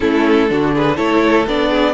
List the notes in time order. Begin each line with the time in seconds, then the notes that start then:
0.00 A3 C#4 E4 A4
0.48 D3 D4 F#4
0.75 G#4 B4
0.95 A3 E4 A4 C#5
1.47 B3 D4 D5
1.69 G#4